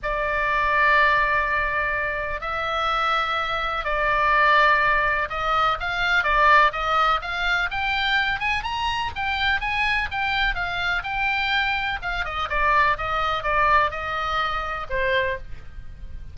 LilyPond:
\new Staff \with { instrumentName = "oboe" } { \time 4/4 \tempo 4 = 125 d''1~ | d''4 e''2. | d''2. dis''4 | f''4 d''4 dis''4 f''4 |
g''4. gis''8 ais''4 g''4 | gis''4 g''4 f''4 g''4~ | g''4 f''8 dis''8 d''4 dis''4 | d''4 dis''2 c''4 | }